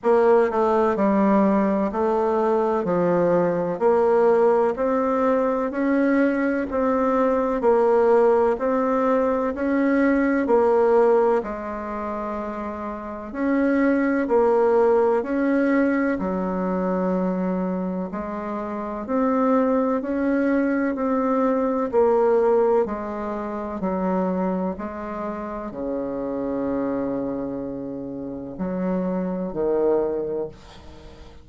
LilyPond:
\new Staff \with { instrumentName = "bassoon" } { \time 4/4 \tempo 4 = 63 ais8 a8 g4 a4 f4 | ais4 c'4 cis'4 c'4 | ais4 c'4 cis'4 ais4 | gis2 cis'4 ais4 |
cis'4 fis2 gis4 | c'4 cis'4 c'4 ais4 | gis4 fis4 gis4 cis4~ | cis2 fis4 dis4 | }